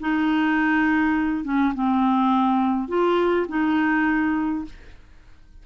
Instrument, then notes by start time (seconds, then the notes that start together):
clarinet
0.00 D#4
1.44 C#4
1.74 C4
2.88 F4
3.48 D#4